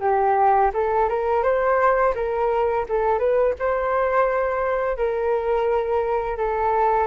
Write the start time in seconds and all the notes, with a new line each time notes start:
0.00 G4
0.73 A4
1.09 A#4
1.43 C5
2.15 A#4
2.89 A4
3.18 B4
3.59 C5
4.97 A#4
6.38 A4